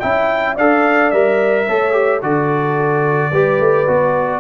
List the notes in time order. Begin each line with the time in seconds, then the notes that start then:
0.00 C#4 E4 E5 G5
0.55 D4 A4 D5 F5
1.10 G3 A#4 E5
1.66 A3 A4 C#5
1.93 G4
2.22 D3 F#4 A4 D5
3.31 G3 G4 B4
3.60 A3
3.87 B3 F#4